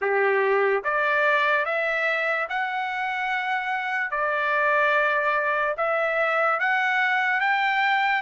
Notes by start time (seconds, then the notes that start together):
0.01 G4
0.84 D5
1.65 E5
2.49 F#5
4.11 D5
5.77 E5
6.59 F#5
7.40 G5